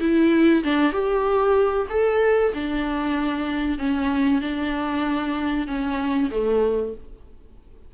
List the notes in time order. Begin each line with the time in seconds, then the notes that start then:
0.00 E4
0.63 D4
0.92 G4
1.89 A4
2.53 D4
3.78 C#4
4.41 D4
5.67 C#4
6.31 A3